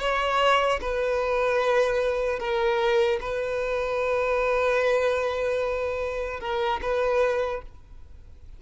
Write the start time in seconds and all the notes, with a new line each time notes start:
0.00 C#5
0.81 B4
2.40 A#4
3.21 B4
6.40 A#4
6.82 B4